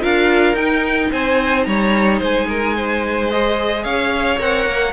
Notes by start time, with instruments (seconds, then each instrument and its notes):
0.00 cello D4, viola F4, violin A#4 F5
0.53 cello D#4, viola D#4, violin G5
1.12 cello C4, violin C5 G#5
1.63 cello G3, violin C#5 A#5
2.19 cello G#3, violin C5 G#5
2.48 violin A#4
2.76 violin C5
3.30 viola G#4, violin D#5
3.83 cello C#4, violin C#5 F5
4.39 cello C4, viola A#4, violin F#5
4.66 cello A#3